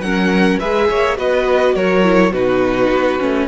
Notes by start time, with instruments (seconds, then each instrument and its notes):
0.00 cello F#3, viola C#4, violin A#4 F#5
0.59 cello G#3, viola G#4, violin B4 E5
0.89 cello A#3, violin C#5
1.17 cello B3, viola F#4, violin B4 D#5
1.75 cello F#3, violin A#4 C#5
2.03 viola E4
2.31 cello B2, viola D#4, violin F#4 B4
2.89 cello B3
3.19 cello A3, viola C#4